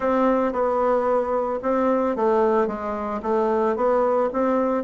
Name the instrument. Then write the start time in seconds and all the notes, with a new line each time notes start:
bassoon
0.00 C4
0.52 B3
1.62 C4
2.16 A3
2.67 G#3
3.22 A3
3.75 B3
4.32 C4